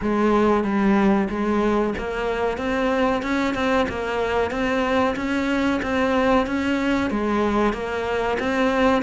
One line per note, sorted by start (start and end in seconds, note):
0.01 0.63 G#3
0.63 1.28 G3
1.29 1.94 G#3
1.98 2.57 A#3
2.57 3.22 C4
3.22 3.54 C#4
3.54 3.87 C4
3.89 4.50 A#3
4.50 5.15 C4
5.16 5.80 C#4
5.82 6.46 C4
6.46 7.10 C#4
7.10 7.73 G#3
7.73 8.37 A#3
8.39 9.02 C4